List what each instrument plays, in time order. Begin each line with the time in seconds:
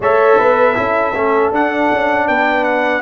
0.00 tuba A3, trombone A4, horn C#5, trumpet E5
0.38 tuba B3, horn B4
0.74 tuba C#4, trombone E4, horn A4
1.14 tuba A3, trombone C#4
1.51 tuba D4, trombone D4, trumpet F#5
1.91 tuba C#4
2.27 tuba B3, horn B4, trumpet G5
2.64 trumpet F#5